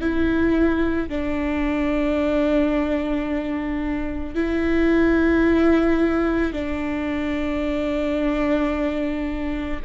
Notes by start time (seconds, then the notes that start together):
0.00 E4
1.09 D4
4.35 E4
6.53 D4